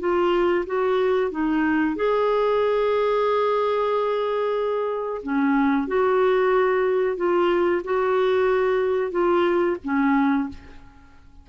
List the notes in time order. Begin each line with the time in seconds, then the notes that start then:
0.00 F4
0.67 F#4
1.32 D#4
1.96 G#4
5.23 C#4
5.88 F#4
7.17 F4
7.84 F#4
9.12 F4
9.84 C#4